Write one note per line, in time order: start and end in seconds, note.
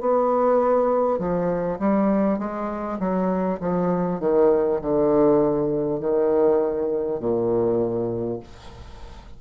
0.00 1.19 B3
1.19 1.79 F3
1.79 2.39 G3
2.39 2.99 G#3
2.99 3.59 F#3
3.60 4.20 F3
4.20 4.80 D#3
4.82 5.99 D3
5.99 7.19 D#3
7.19 8.39 A#2